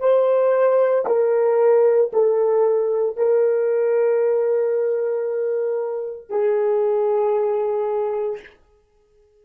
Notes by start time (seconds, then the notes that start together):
0.00 C5
1.07 A#4
2.13 A4
3.17 A#4
6.30 G#4